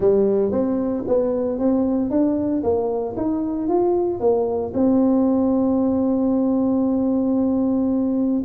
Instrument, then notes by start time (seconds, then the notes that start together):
tuba
0.00 G3
0.51 C4
1.07 B3
1.58 C4
2.10 D4
2.63 A#3
3.16 D#4
3.68 F4
4.20 A#3
4.74 C4